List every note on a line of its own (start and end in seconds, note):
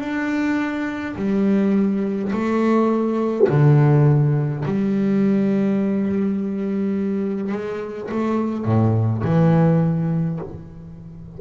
0.00 1.15 D4
1.16 2.32 G3
2.33 3.48 A3
3.49 4.65 D3
4.66 7.53 G3
7.53 8.10 G#3
8.12 8.65 A3
8.65 9.23 A2
9.25 10.40 E3